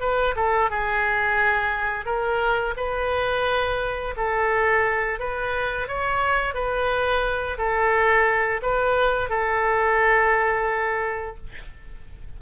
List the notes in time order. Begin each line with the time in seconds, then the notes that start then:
0.00 B4
0.35 A4
0.70 G#4
2.05 A#4
2.76 B4
4.16 A4
5.19 B4
5.87 C#5
6.54 B4
7.57 A4
8.62 B4
9.29 A4